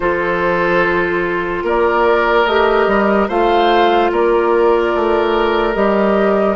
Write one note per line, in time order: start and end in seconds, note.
0.00 1.63 F3
0.00 2.46 F4
0.00 1.64 A4
0.00 1.64 C5
1.63 2.45 A#3
1.63 3.28 A#4
1.63 2.46 D5
2.45 2.86 A3
2.45 3.29 G4
2.45 3.28 D#5
2.86 3.27 G3
3.28 4.10 A3
3.28 5.74 F4
3.28 4.10 C5
3.28 4.12 F5
4.11 4.93 A#3
4.11 6.55 A#4
4.11 5.74 D5
4.94 5.75 A3
5.74 6.55 G3
5.74 6.55 G4
5.74 6.55 D#5